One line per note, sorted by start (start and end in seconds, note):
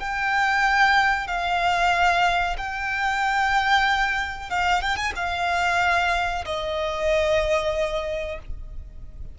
0.00 1.28 G5
1.28 2.57 F5
2.58 4.50 G5
4.50 4.82 F5
4.82 4.97 G5
4.97 5.13 G#5
5.16 6.45 F5
6.46 8.39 D#5